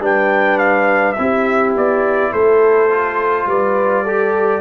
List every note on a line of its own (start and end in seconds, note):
0.00 1.15 G3
0.00 1.17 D4
0.00 1.18 B4
0.00 0.58 G5
0.58 1.13 F5
1.13 2.90 E4
1.13 1.70 E5
1.19 1.75 C4
1.19 2.32 G4
1.75 2.33 B3
1.75 2.33 D5
2.32 3.46 A3
2.32 3.47 A4
2.32 3.48 C5
2.90 4.06 F4
3.46 4.61 G3
3.46 4.04 B4
3.46 4.61 D5
4.04 4.61 G4
4.04 4.61 A4